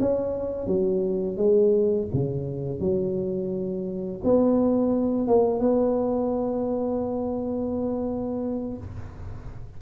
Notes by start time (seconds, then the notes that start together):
0.00 C#4
0.67 F#3
1.37 G#3
2.13 C#3
2.80 F#3
4.24 B3
5.27 A#3
5.60 B3